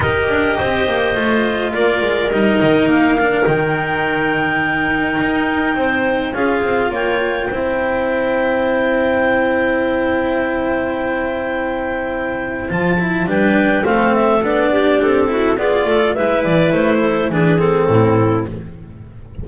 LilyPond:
<<
  \new Staff \with { instrumentName = "clarinet" } { \time 4/4 \tempo 4 = 104 dis''2. d''4 | dis''4 f''4 g''2~ | g''2. f''4 | g''1~ |
g''1~ | g''2 a''4 g''4 | f''8 e''8 d''4 a'4 d''4 | e''8 d''8 c''4 b'8 a'4. | }
  \new Staff \with { instrumentName = "clarinet" } { \time 4/4 ais'4 c''2 ais'4~ | ais'1~ | ais'2 c''4 gis'4 | cis''4 c''2.~ |
c''1~ | c''2. b'4 | a'4. g'4 fis'8 gis'8 a'8 | b'4. a'8 gis'4 e'4 | }
  \new Staff \with { instrumentName = "cello" } { \time 4/4 g'2 f'2 | dis'4. d'8 dis'2~ | dis'2. f'4~ | f'4 e'2.~ |
e'1~ | e'2 f'8 e'8 d'4 | c'4 d'4. e'8 f'4 | e'2 d'8 c'4. | }
  \new Staff \with { instrumentName = "double bass" } { \time 4/4 dis'8 d'8 c'8 ais8 a4 ais8 gis8 | g8 dis8 ais4 dis2~ | dis4 dis'4 c'4 cis'8 c'8 | ais4 c'2.~ |
c'1~ | c'2 f4 g4 | a4 b4 c'4 b8 a8 | gis8 e8 a4 e4 a,4 | }
>>